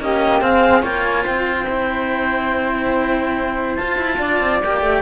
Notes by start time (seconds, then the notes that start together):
0.00 A#3 C#4 G4 D#5
0.41 C4 G#4 F5
0.82 A#3 F4 C#5 G5
1.03 G#5
1.23 C4 C5 G5
1.69 E4
3.75 F4 A5
3.97 E4
4.18 D4 D5
4.40 C4
4.63 A#3 G4 G5
4.81 A3